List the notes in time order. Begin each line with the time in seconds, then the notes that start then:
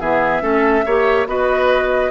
0.00 E3 B3 G#4 E5
0.41 A3 C#4 A4
0.85 A#3 G4 C#5
1.26 B3 F#4 B4 D#5